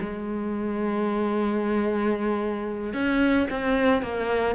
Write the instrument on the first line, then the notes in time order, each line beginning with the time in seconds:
cello
0.00 G#3
2.94 C#4
3.50 C4
4.02 A#3